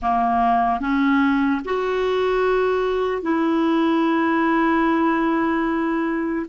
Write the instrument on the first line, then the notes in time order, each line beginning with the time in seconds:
clarinet
0.01 A#3
0.80 C#4
1.64 F#4
3.21 E4